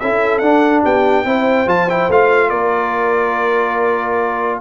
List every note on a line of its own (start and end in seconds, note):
0.00 0.41 C#4
0.00 0.43 E4
0.00 0.83 A4
0.00 0.39 E5
0.39 0.83 D4
0.39 1.25 D4
0.39 0.81 F#5
0.83 1.25 B3
0.83 1.25 G4
0.83 1.69 G5
1.25 1.67 C4
1.25 1.67 E4
1.25 2.49 C5
1.67 2.09 F3
1.67 1.88 F4
1.67 1.90 A5
1.90 2.11 E4
1.90 2.11 G5
2.10 2.51 A3
2.10 4.62 F4
2.10 2.50 F5
2.49 4.61 A#3
2.49 4.59 A#4
2.49 4.60 D5